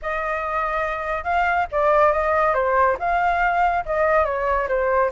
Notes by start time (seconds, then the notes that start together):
0.01 D#5
1.24 F5
1.71 D5
2.12 D#5
2.54 C5
2.99 F5
3.85 D#5
4.25 C#5
4.68 C5